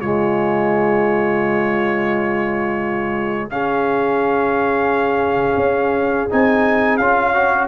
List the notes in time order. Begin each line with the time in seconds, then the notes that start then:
0.00 C#3 G#3 F4 C#5
3.50 C#4 G#4 F5
5.57 C#4
6.30 C4 D#4 G#5
6.97 C#4 F4 F5
7.33 F#4 C#5